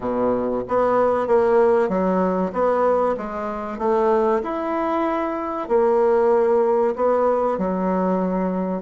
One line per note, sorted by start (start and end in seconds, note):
0.00 0.62 B2
0.67 1.27 B3
1.27 1.88 A#3
1.88 2.51 F#3
2.52 3.16 B3
3.17 3.78 G#3
3.78 4.41 A3
4.43 5.68 E4
5.68 6.94 A#3
6.95 7.58 B3
7.58 8.82 F#3